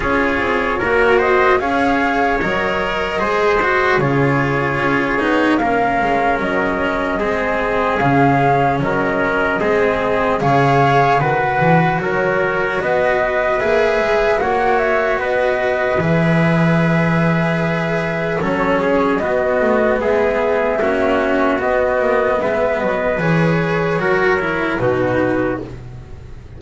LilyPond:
<<
  \new Staff \with { instrumentName = "flute" } { \time 4/4 \tempo 4 = 75 cis''4. dis''8 f''4 dis''4~ | dis''4 cis''2 f''4 | dis''2 f''4 dis''4~ | dis''4 f''4 fis''4 cis''4 |
dis''4 e''4 fis''8 e''8 dis''4 | e''2. cis''4 | dis''4 e''2 dis''4 | e''8 dis''8 cis''2 b'4 | }
  \new Staff \with { instrumentName = "trumpet" } { \time 4/4 gis'4 ais'8 c''8 cis''2 | c''4 gis'2 ais'4~ | ais'4 gis'2 ais'4 | gis'4 cis''4 b'4 ais'4 |
b'2 cis''4 b'4~ | b'2. a'8 gis'8 | fis'4 gis'4 fis'2 | b'2 ais'4 fis'4 | }
  \new Staff \with { instrumentName = "cello" } { \time 4/4 f'4 fis'4 gis'4 ais'4 | gis'8 fis'8 f'4. dis'8 cis'4~ | cis'4 c'4 cis'2 | c'4 gis'4 fis'2~ |
fis'4 gis'4 fis'2 | gis'2. cis'4 | b2 cis'4 b4~ | b4 gis'4 fis'8 e'8 dis'4 | }
  \new Staff \with { instrumentName = "double bass" } { \time 4/4 cis'8 c'8 ais4 cis'4 fis4 | gis4 cis4 cis'8 b8 ais8 gis8 | fis4 gis4 cis4 fis4 | gis4 cis4 dis8 e8 fis4 |
b4 ais8 gis8 ais4 b4 | e2. fis4 | b8 a8 gis4 ais4 b8 ais8 | gis8 fis8 e4 fis4 b,4 | }
>>